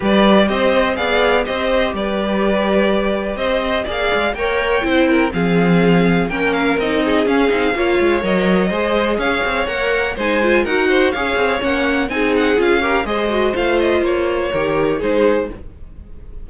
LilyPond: <<
  \new Staff \with { instrumentName = "violin" } { \time 4/4 \tempo 4 = 124 d''4 dis''4 f''4 dis''4 | d''2. dis''4 | f''4 g''2 f''4~ | f''4 g''8 f''8 dis''4 f''4~ |
f''4 dis''2 f''4 | fis''4 gis''4 fis''4 f''4 | fis''4 gis''8 fis''8 f''4 dis''4 | f''8 dis''8 cis''2 c''4 | }
  \new Staff \with { instrumentName = "violin" } { \time 4/4 b'4 c''4 d''4 c''4 | b'2. c''4 | d''4 cis''4 c''8 ais'8 gis'4~ | gis'4 ais'4. gis'4. |
cis''2 c''4 cis''4~ | cis''4 c''4 ais'8 c''8 cis''4~ | cis''4 gis'4. ais'8 c''4~ | c''2 ais'4 gis'4 | }
  \new Staff \with { instrumentName = "viola" } { \time 4/4 g'2 gis'4 g'4~ | g'1 | gis'4 ais'4 e'4 c'4~ | c'4 cis'4 dis'4 cis'8 dis'8 |
f'4 ais'4 gis'2 | ais'4 dis'8 f'8 fis'4 gis'4 | cis'4 dis'4 f'8 g'8 gis'8 fis'8 | f'2 g'4 dis'4 | }
  \new Staff \with { instrumentName = "cello" } { \time 4/4 g4 c'4 b4 c'4 | g2. c'4 | ais8 gis8 ais4 c'4 f4~ | f4 ais4 c'4 cis'8 c'8 |
ais8 gis8 fis4 gis4 cis'8 c'8 | ais4 gis4 dis'4 cis'8 c'8 | ais4 c'4 cis'4 gis4 | a4 ais4 dis4 gis4 | }
>>